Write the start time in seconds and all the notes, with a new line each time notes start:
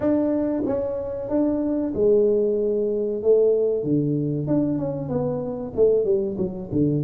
0.00 D4
0.66 C#4
1.29 D4
1.94 G#3
3.22 A3
3.83 D3
4.47 D4
4.78 C#4
5.09 B3
5.76 A3
6.05 G3
6.37 F#3
6.72 D3